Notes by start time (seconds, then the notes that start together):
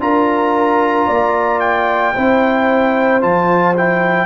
0.00 D4 F4 A#4 A#5
1.07 A#3 D5
1.60 G5
2.15 C4 E4 C5
3.21 F3 F4 A5
3.77 E4 G5